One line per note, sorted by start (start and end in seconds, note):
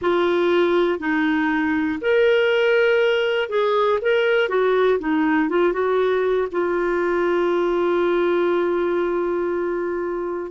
0.01 0.99 F4
0.99 1.99 D#4
2.01 3.49 A#4
3.49 3.99 G#4
4.01 4.49 A#4
4.49 4.99 F#4
4.99 5.49 D#4
5.49 5.73 F4
5.73 6.47 F#4
6.51 10.51 F4